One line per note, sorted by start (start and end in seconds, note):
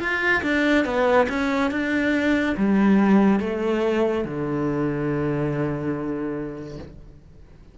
0.00 0.42 F4
0.43 0.85 D4
0.86 1.28 B3
1.29 1.71 C#4
1.71 2.56 D4
2.57 3.40 G3
3.40 4.25 A3
4.25 6.78 D3